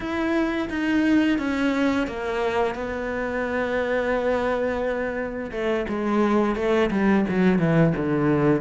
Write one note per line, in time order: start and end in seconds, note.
0.00 0.68 E4
0.69 1.38 D#4
1.38 2.07 C#4
2.07 2.75 A#3
2.75 5.50 B3
5.51 5.85 A3
5.88 6.55 G#3
6.55 6.90 A3
6.90 7.25 G3
7.29 7.59 F#3
7.59 7.93 E3
7.96 8.61 D3